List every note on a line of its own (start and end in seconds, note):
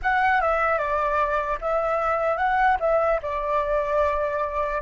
0.02 0.41 F#5
0.41 0.78 E5
0.78 1.58 D5
1.61 2.37 E5
2.37 2.77 F#5
2.80 3.20 E5
3.22 4.81 D5